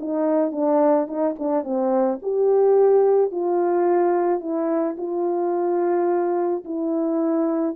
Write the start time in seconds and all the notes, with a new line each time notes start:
0.00 D#4
0.52 D4
1.07 D#4
1.39 D4
1.64 C4
2.22 G4
3.32 F4
4.40 E4
4.97 F4
6.65 E4